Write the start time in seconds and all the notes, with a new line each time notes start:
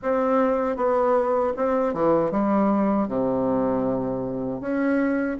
0.02 C4
0.76 B3
1.56 C4
1.93 E3
2.31 G3
3.08 C3
4.60 C#4